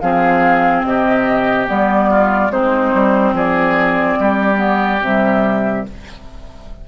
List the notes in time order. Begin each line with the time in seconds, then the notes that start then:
0.00 F3 C4 G#4 F5
0.84 C3 G4 D#5
1.67 G3 B3 D5
2.10 F4
2.50 G#3 C4 D#4 C5
2.94 G3
3.33 F3 G#4 D5
4.20 G3 G4
4.56 B3
5.01 C3 G3 E5